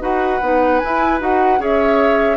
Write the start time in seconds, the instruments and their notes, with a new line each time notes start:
0.00 bassoon D#4, clarinet F#4, oboe B4, flute F#5
0.41 bassoon B3, clarinet D#4
0.79 clarinet E4, bassoon E4, flute G#5
1.20 bassoon D#4, clarinet F#4, flute F#5
1.58 bassoon C#4, clarinet G#4, oboe C#5, flute E5